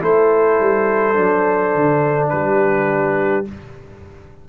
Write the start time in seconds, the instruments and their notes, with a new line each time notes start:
0.00 tuba A3, trombone E4, horn A4, trumpet C5
0.60 tuba G3
1.14 tuba F#3, trombone D4
1.75 tuba D3
2.29 tuba G3, horn G4, trumpet B4